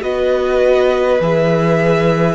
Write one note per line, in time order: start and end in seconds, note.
0.00 1.19 B3
0.00 1.18 F#4
0.00 2.35 B4
0.00 1.20 D#5
1.20 2.35 E3
1.20 2.35 G#4
1.20 2.35 E5